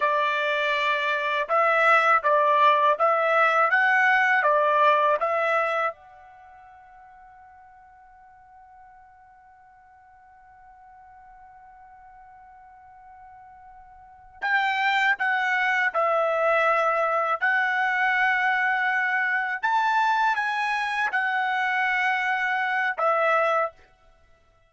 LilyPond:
\new Staff \with { instrumentName = "trumpet" } { \time 4/4 \tempo 4 = 81 d''2 e''4 d''4 | e''4 fis''4 d''4 e''4 | fis''1~ | fis''1~ |
fis''2.~ fis''8 g''8~ | g''8 fis''4 e''2 fis''8~ | fis''2~ fis''8 a''4 gis''8~ | gis''8 fis''2~ fis''8 e''4 | }